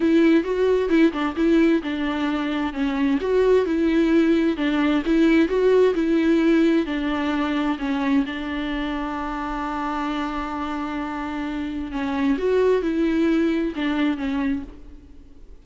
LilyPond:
\new Staff \with { instrumentName = "viola" } { \time 4/4 \tempo 4 = 131 e'4 fis'4 e'8 d'8 e'4 | d'2 cis'4 fis'4 | e'2 d'4 e'4 | fis'4 e'2 d'4~ |
d'4 cis'4 d'2~ | d'1~ | d'2 cis'4 fis'4 | e'2 d'4 cis'4 | }